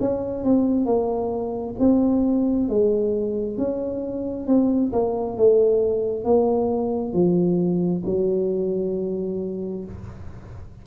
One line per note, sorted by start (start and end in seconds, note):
0.00 0.44 C#4
0.44 0.86 C4
0.86 1.75 A#3
1.80 2.69 C4
2.69 3.58 G#3
3.58 4.47 C#4
4.47 4.92 C4
4.93 5.37 A#3
5.37 6.25 A3
6.25 7.13 A#3
7.13 8.03 F3
8.06 9.85 F#3